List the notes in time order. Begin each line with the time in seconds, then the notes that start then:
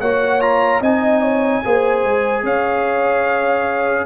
0.00 A#3 F#4 C#5 F#5
0.41 F4 A#5
0.80 C4 D#4 D#5 G#5
1.21 C#5
1.64 A#3 G#4 C5
2.04 G#3
2.43 C#4 C#5 F5